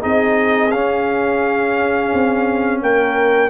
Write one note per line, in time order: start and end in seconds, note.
0.00 0.73 C4
0.00 0.70 D#4
0.00 2.81 G#4
0.00 0.71 D#5
0.71 2.12 C#4
0.71 3.50 C#4
0.71 2.80 F5
2.14 2.81 C4
2.81 3.50 A#3
2.81 3.50 A#4
2.81 3.50 G5